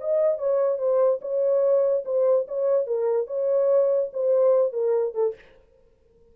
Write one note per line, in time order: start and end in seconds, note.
0.00 0.38 D#5
0.38 0.78 C#5
0.78 1.19 C5
1.21 2.04 C#5
2.05 2.46 C5
2.47 2.86 C#5
2.86 3.27 A#4
3.27 4.09 C#5
4.12 4.72 C5
4.72 5.14 A#4
5.14 5.34 A4